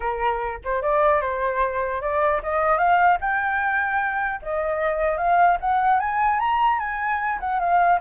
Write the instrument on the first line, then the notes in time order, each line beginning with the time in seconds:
flute
0.00 A#4
0.64 C5
0.82 D5
1.21 C5
2.01 D5
2.43 D#5
2.77 F5
3.21 G5
4.41 D#5
5.17 F5
5.60 F#5
5.99 G#5
6.39 A#5
6.79 G#5
7.40 F#5
7.59 F5